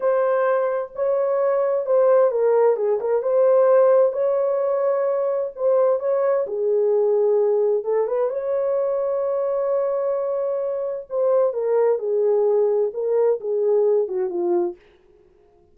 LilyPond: \new Staff \with { instrumentName = "horn" } { \time 4/4 \tempo 4 = 130 c''2 cis''2 | c''4 ais'4 gis'8 ais'8 c''4~ | c''4 cis''2. | c''4 cis''4 gis'2~ |
gis'4 a'8 b'8 cis''2~ | cis''1 | c''4 ais'4 gis'2 | ais'4 gis'4. fis'8 f'4 | }